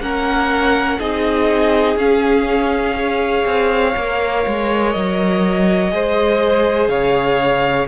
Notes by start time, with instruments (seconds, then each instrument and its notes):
0.00 cello A#3, viola C#4, violin A#4 F#5
0.99 cello C4, viola D#4, violin G#4 D#5
1.96 cello C#4, viola C#4, violin F5
2.94 viola G#4, violin C#5
3.45 cello C4
3.96 cello A#3, viola A#4
4.47 cello G#3
4.91 cello F#3, violin D#5
5.90 cello G#3, viola G#4, violin C5
6.88 cello C#3, violin C#5 F5